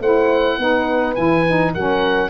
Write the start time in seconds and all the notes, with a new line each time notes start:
0.00 A3 E4 C5 F#5
0.58 B3 D#4 B4
1.15 E3 E4 G#5
1.47 D#4
1.73 F#3 C#4 A#4 F#5